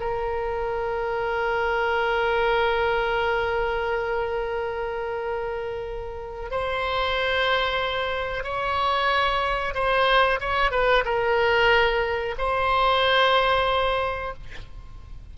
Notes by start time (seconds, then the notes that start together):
0.00 A#4
6.51 C5
8.43 C#5
9.74 C5
10.41 C#5
10.71 B4
11.05 A#4
12.38 C5